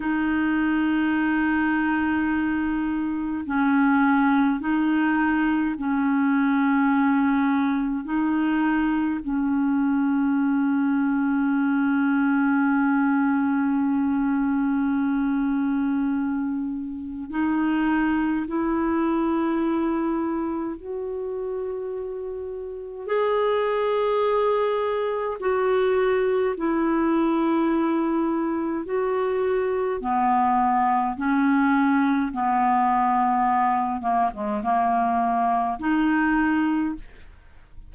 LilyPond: \new Staff \with { instrumentName = "clarinet" } { \time 4/4 \tempo 4 = 52 dis'2. cis'4 | dis'4 cis'2 dis'4 | cis'1~ | cis'2. dis'4 |
e'2 fis'2 | gis'2 fis'4 e'4~ | e'4 fis'4 b4 cis'4 | b4. ais16 gis16 ais4 dis'4 | }